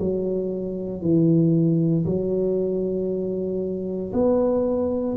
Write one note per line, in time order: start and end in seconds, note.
0.00 1.02 F#3
1.02 2.05 E3
2.05 4.12 F#3
4.13 5.17 B3